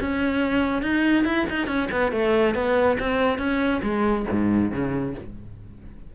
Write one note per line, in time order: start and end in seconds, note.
0.00 0.82 C#4
0.82 1.24 D#4
1.24 1.46 E4
1.50 1.67 D#4
1.67 1.88 C#4
1.91 2.12 B3
2.12 2.54 A3
2.54 2.97 B3
2.99 3.38 C4
3.38 3.81 C#4
3.83 4.25 G#3
4.31 4.72 G#2
4.72 5.15 C#3